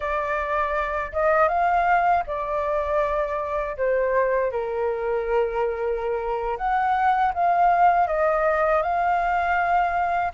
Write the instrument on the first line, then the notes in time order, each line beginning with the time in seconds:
flute
0.00 D5
1.12 D#5
1.48 F5
2.27 D5
3.77 C5
4.51 A#4
6.57 F#5
7.34 F5
8.07 D#5
8.82 F5